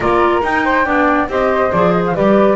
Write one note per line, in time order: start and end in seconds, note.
0.00 0.41 A#3
0.00 0.42 F4
0.00 0.64 A#4
0.00 0.41 D5
0.42 0.84 D#4
0.42 0.85 D#4
0.42 1.29 G5
0.64 0.85 C5
0.84 1.28 B3
0.84 1.27 D4
0.84 1.28 D5
1.28 1.71 C4
1.28 1.71 G4
1.28 2.15 C5
1.28 1.71 D#5
1.71 2.15 F3
1.71 2.15 G#4
1.71 1.92 D5
1.92 2.02 D#5
2.06 2.15 F5
2.15 2.55 G3
2.15 2.55 G4
2.15 2.55 B4
2.15 2.55 D5